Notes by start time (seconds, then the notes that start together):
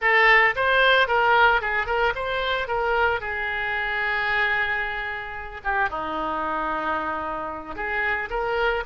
0.01 A4
0.55 C5
1.07 A#4
1.61 G#4
1.86 A#4
2.15 C5
2.67 A#4
3.20 G#4
5.64 G4
5.89 D#4
7.75 G#4
8.30 A#4